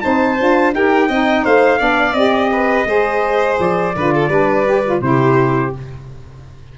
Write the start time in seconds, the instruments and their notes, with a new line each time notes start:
0.00 tuba C4, saxophone D#4, violin C5, trumpet A5
0.38 tuba D4, saxophone F4
0.73 tuba D#4, saxophone G4, violin A#4, trumpet G5
1.08 tuba C4, saxophone D#4, violin D#5
1.43 tuba A3, violin C5, trumpet F5
1.78 tuba B3, saxophone D4, violin D5
2.13 tuba C4, saxophone G4, trumpet D#5
2.51 violin B4
2.85 tuba G#3, saxophone G#4, violin C5
3.59 tuba F3, trumpet D5
3.96 tuba D3, saxophone F4, violin B4
4.14 violin A4
4.29 tuba G3, saxophone D4, violin B4
4.65 saxophone G4
4.84 saxophone F4
5.01 tuba C3, saxophone E4, violin G4, trumpet C5